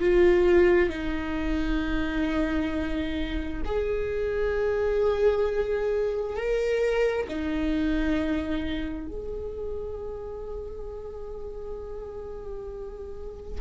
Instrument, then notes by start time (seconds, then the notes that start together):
viola
0.00 F4
0.89 D#4
3.65 G#4
6.36 A#4
7.28 D#4
9.07 G#4